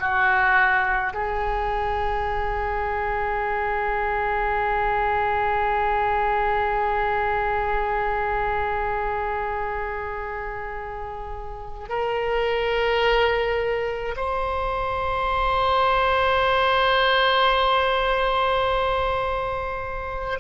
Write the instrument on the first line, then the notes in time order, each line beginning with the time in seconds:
oboe
0.00 F#4
1.14 G#4
11.89 A#4
14.17 C5